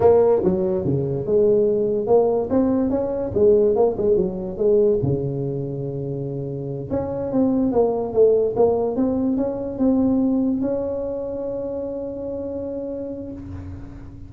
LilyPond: \new Staff \with { instrumentName = "tuba" } { \time 4/4 \tempo 4 = 144 ais4 fis4 cis4 gis4~ | gis4 ais4 c'4 cis'4 | gis4 ais8 gis8 fis4 gis4 | cis1~ |
cis8 cis'4 c'4 ais4 a8~ | a8 ais4 c'4 cis'4 c'8~ | c'4. cis'2~ cis'8~ | cis'1 | }